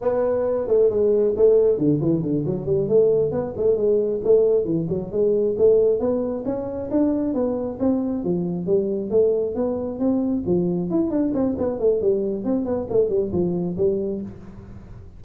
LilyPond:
\new Staff \with { instrumentName = "tuba" } { \time 4/4 \tempo 4 = 135 b4. a8 gis4 a4 | d8 e8 d8 fis8 g8 a4 b8 | a8 gis4 a4 e8 fis8 gis8~ | gis8 a4 b4 cis'4 d'8~ |
d'8 b4 c'4 f4 g8~ | g8 a4 b4 c'4 f8~ | f8 e'8 d'8 c'8 b8 a8 g4 | c'8 b8 a8 g8 f4 g4 | }